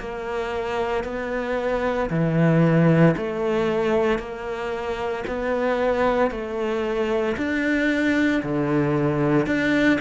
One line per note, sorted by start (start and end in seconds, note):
0.00 1.05 A#3
1.05 2.10 B3
2.11 3.16 E3
3.17 4.19 A3
4.19 5.24 A#3
5.28 6.32 B3
6.32 7.37 A3
7.38 8.43 D4
8.44 9.47 D3
9.47 10.00 D4